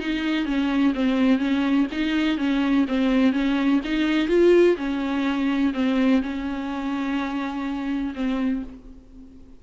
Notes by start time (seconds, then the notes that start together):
0.00 D#4
0.46 C#4
0.95 C4
1.39 C#4
1.92 D#4
2.38 C#4
2.88 C4
3.33 C#4
3.85 D#4
4.29 F4
4.77 C#4
5.74 C4
6.22 C#4
8.15 C4